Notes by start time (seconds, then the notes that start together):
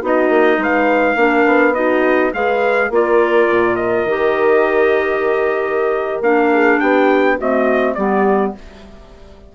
0.00 B3 D#4 F#4 D#5
0.29 A#3
0.58 G#3 B4 F5
1.15 A#3 D4 A#4
1.45 B3
1.73 D#4 F#4 D#5
2.33 G#3 G#4 B4 F5
2.89 A#3 F4 A#4 D5
3.49 A#2
3.76 D#5
4.05 D#3 G4
6.20 A#3 D4 F5
6.52 G#4
6.79 B3 G4 G5
7.38 A3 C4 F#4 D#5
7.94 G3 B3 G4 D5